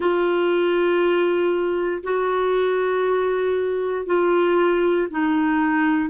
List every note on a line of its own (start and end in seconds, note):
0.00 2.02 F4
2.03 4.06 F#4
4.06 5.08 F4
5.10 6.09 D#4